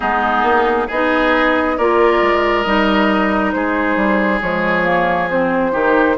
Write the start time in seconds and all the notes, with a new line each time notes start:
0.00 G#3 B3 D#4 G#4
0.42 A#3
0.87 B3 D#4 G#4 D#5
1.77 A#3 F4 A#4 D5
2.21 G#3
2.62 G3 D#4 D#5
3.51 G#3 G#4 C5
3.96 G3
4.41 F3 G#3 C#5
4.83 A#3
5.30 C4 C5
5.72 D#3 D#4 G4